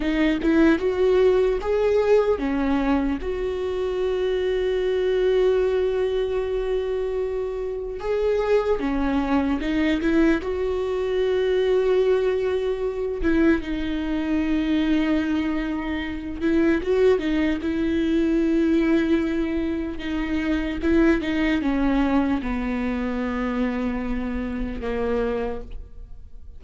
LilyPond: \new Staff \with { instrumentName = "viola" } { \time 4/4 \tempo 4 = 75 dis'8 e'8 fis'4 gis'4 cis'4 | fis'1~ | fis'2 gis'4 cis'4 | dis'8 e'8 fis'2.~ |
fis'8 e'8 dis'2.~ | dis'8 e'8 fis'8 dis'8 e'2~ | e'4 dis'4 e'8 dis'8 cis'4 | b2. ais4 | }